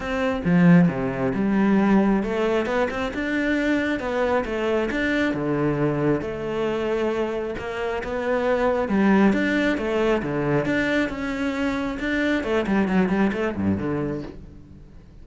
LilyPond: \new Staff \with { instrumentName = "cello" } { \time 4/4 \tempo 4 = 135 c'4 f4 c4 g4~ | g4 a4 b8 c'8 d'4~ | d'4 b4 a4 d'4 | d2 a2~ |
a4 ais4 b2 | g4 d'4 a4 d4 | d'4 cis'2 d'4 | a8 g8 fis8 g8 a8 g,8 d4 | }